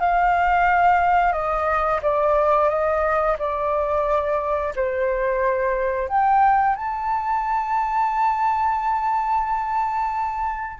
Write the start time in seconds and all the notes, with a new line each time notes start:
0.00 F5
1.32 D#5
2.02 D5
2.69 D#5
3.39 D5
4.76 C5
6.09 G5
6.76 A5